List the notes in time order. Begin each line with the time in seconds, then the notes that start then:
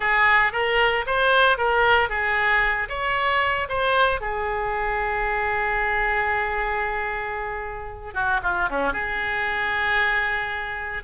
0.00 G#4
0.52 A#4
1.06 C5
1.57 A#4
2.09 G#4
2.89 C#5
3.68 C5
4.21 G#4
8.14 F#4
8.42 F4
8.69 C#4
8.92 G#4